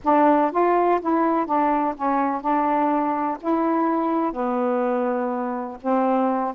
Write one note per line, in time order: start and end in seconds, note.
0.04 0.51 D4
0.51 1.00 F4
1.01 1.45 E4
1.45 1.94 D4
1.96 2.41 C#4
2.41 3.37 D4
3.40 4.32 E4
4.32 5.77 B3
5.81 6.54 C4